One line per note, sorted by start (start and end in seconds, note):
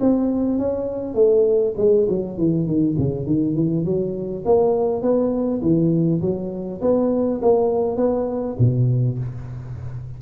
0.00 0.58 C4
0.58 1.14 C#4
1.14 1.74 A3
1.77 2.07 G#3
2.09 2.38 F#3
2.38 2.67 E3
2.67 2.96 D#3
2.98 3.26 C#3
3.26 3.55 D#3
3.55 3.85 E3
3.85 4.44 F#3
4.45 5.02 A#3
5.02 5.61 B3
5.61 6.21 E3
6.21 6.81 F#3
6.81 7.41 B3
7.42 7.97 A#3
7.97 8.56 B3
8.59 9.18 B2